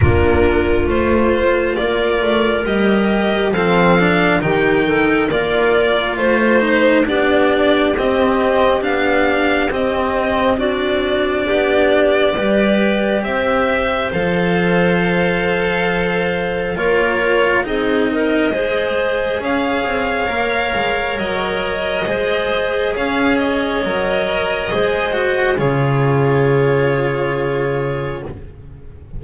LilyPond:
<<
  \new Staff \with { instrumentName = "violin" } { \time 4/4 \tempo 4 = 68 ais'4 c''4 d''4 dis''4 | f''4 g''4 d''4 c''4 | d''4 dis''4 f''4 dis''4 | d''2. e''4 |
f''2. cis''4 | dis''2 f''2 | dis''2 f''8 dis''4.~ | dis''4 cis''2. | }
  \new Staff \with { instrumentName = "clarinet" } { \time 4/4 f'2 ais'2 | a'4 g'8 a'8 ais'4 c''4 | g'1 | fis'4 g'4 b'4 c''4~ |
c''2. ais'4 | gis'8 ais'8 c''4 cis''2~ | cis''4 c''4 cis''2 | c''4 gis'2. | }
  \new Staff \with { instrumentName = "cello" } { \time 4/4 d'4 f'2 g'4 | c'8 d'8 dis'4 f'4. dis'8 | d'4 c'4 d'4 c'4 | d'2 g'2 |
a'2. f'4 | dis'4 gis'2 ais'4~ | ais'4 gis'2 ais'4 | gis'8 fis'8 f'2. | }
  \new Staff \with { instrumentName = "double bass" } { \time 4/4 ais4 a4 ais8 a8 g4 | f4 dis4 ais4 a4 | b4 c'4 b4 c'4~ | c'4 b4 g4 c'4 |
f2. ais4 | c'4 gis4 cis'8 c'8 ais8 gis8 | fis4 gis4 cis'4 fis4 | gis4 cis2. | }
>>